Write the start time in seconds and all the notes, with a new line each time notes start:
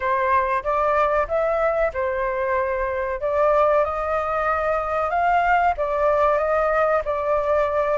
0.00 C5
0.63 D5
1.28 E5
1.93 C5
3.20 D5
3.84 D#5
5.10 F5
5.77 D5
6.38 D#5
7.04 D5